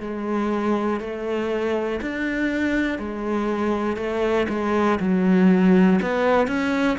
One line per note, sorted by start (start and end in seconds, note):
0.00 1.00 G#3
1.00 2.00 A3
2.01 2.99 D4
2.99 3.96 G#3
3.96 4.46 A3
4.49 4.99 G#3
5.00 6.00 F#3
6.01 6.47 B3
6.47 6.97 C#4